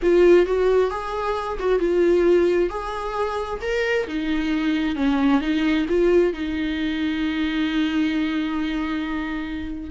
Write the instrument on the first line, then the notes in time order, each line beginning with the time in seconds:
viola
0.02 F4
0.46 F#4
0.90 G#4
1.59 F#4
1.79 F4
2.69 G#4
3.61 A#4
4.07 D#4
4.95 C#4
5.41 D#4
5.88 F4
6.33 D#4